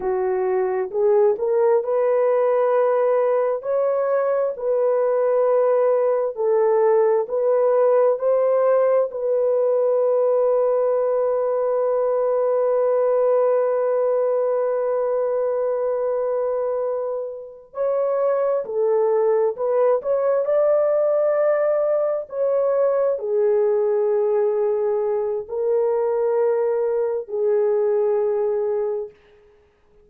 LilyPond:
\new Staff \with { instrumentName = "horn" } { \time 4/4 \tempo 4 = 66 fis'4 gis'8 ais'8 b'2 | cis''4 b'2 a'4 | b'4 c''4 b'2~ | b'1~ |
b'2.~ b'8 cis''8~ | cis''8 a'4 b'8 cis''8 d''4.~ | d''8 cis''4 gis'2~ gis'8 | ais'2 gis'2 | }